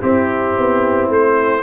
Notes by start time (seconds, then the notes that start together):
0.00 C4 E4 G4
0.57 B3
1.09 A3 C5